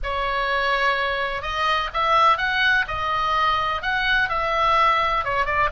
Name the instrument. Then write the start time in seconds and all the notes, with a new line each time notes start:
oboe
0.03 C#5
1.42 D#5
1.93 E5
2.37 F#5
2.87 D#5
3.81 F#5
4.29 E5
5.24 C#5
5.45 D5